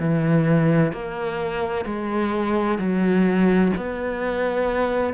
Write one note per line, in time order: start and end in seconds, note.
0.00 0.93 E3
0.93 1.86 A#3
1.86 2.79 G#3
2.79 3.72 F#3
3.78 5.14 B3